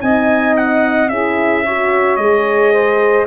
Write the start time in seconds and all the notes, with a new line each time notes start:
0.00 C4 D#4 D#5 G#5
0.56 F#5
1.09 C#4 E4 G#4 E5
1.63 F#4 C#5
2.16 G#3 G#4 D#5
2.72 C5